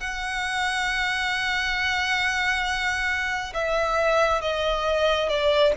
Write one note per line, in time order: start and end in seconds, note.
0.00 3.53 F#5
3.54 4.41 E5
4.41 5.29 D#5
5.29 5.73 D5